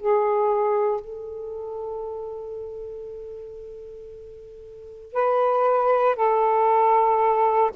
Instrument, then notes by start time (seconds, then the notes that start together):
saxophone
0.00 G#4
1.02 A4
5.13 B4
6.16 A4